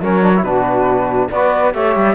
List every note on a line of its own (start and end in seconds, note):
0.00 0.43 F#3
0.00 0.22 C#4
0.00 0.43 A#4
0.00 0.43 C#5
0.22 0.32 D4
0.36 0.45 E4
0.43 1.28 B2
0.43 1.31 D4
0.43 1.30 F#4
0.43 1.29 B4
1.30 1.74 B3
1.30 1.74 F#4
1.30 1.74 B4
1.30 1.73 D5
1.74 1.96 A3
1.74 2.15 G4
1.74 2.15 C#5
1.74 2.15 E5
1.96 2.15 G3